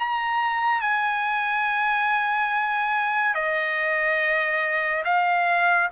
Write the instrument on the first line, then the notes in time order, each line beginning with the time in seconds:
trumpet
0.00 A#5
0.81 G#5
3.35 D#5
5.05 F5